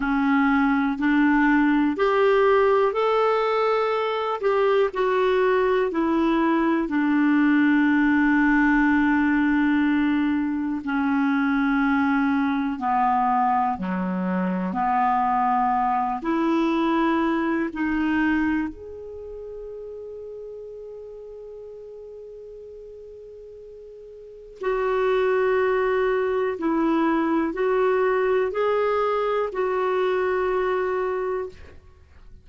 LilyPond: \new Staff \with { instrumentName = "clarinet" } { \time 4/4 \tempo 4 = 61 cis'4 d'4 g'4 a'4~ | a'8 g'8 fis'4 e'4 d'4~ | d'2. cis'4~ | cis'4 b4 fis4 b4~ |
b8 e'4. dis'4 gis'4~ | gis'1~ | gis'4 fis'2 e'4 | fis'4 gis'4 fis'2 | }